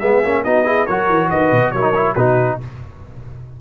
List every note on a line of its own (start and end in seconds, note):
0.00 0.24 G#3
0.00 0.24 B3
0.00 0.43 G#4
0.00 0.43 E5
0.24 0.45 A#3
0.24 0.45 C#4
0.44 0.88 B3
0.44 0.65 D#4
0.44 0.65 F#4
0.44 0.86 D#5
0.65 0.87 E4
0.65 0.86 G#4
0.86 1.09 F#3
0.86 1.75 F#4
0.86 1.29 A#4
0.86 1.29 C#5
1.09 1.31 E3
1.30 1.51 D#3
1.30 1.73 B4
1.30 1.71 D#5
1.51 1.73 B2
1.71 2.16 F#3
1.71 1.82 E4
1.71 2.15 A#4
1.71 2.14 C#5
1.82 1.93 D#4
1.95 2.16 E4
2.15 2.59 B2
2.15 2.61 D#4
2.15 2.58 F#4
2.15 2.58 B4